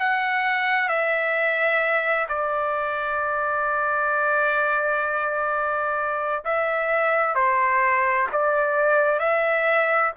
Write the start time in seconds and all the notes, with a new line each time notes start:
0.00 F#5
0.89 E5
2.29 D5
6.45 E5
7.36 C5
8.33 D5
9.20 E5